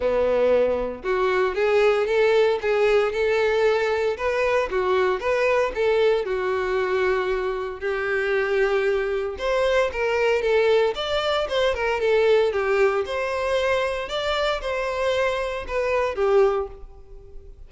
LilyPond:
\new Staff \with { instrumentName = "violin" } { \time 4/4 \tempo 4 = 115 b2 fis'4 gis'4 | a'4 gis'4 a'2 | b'4 fis'4 b'4 a'4 | fis'2. g'4~ |
g'2 c''4 ais'4 | a'4 d''4 c''8 ais'8 a'4 | g'4 c''2 d''4 | c''2 b'4 g'4 | }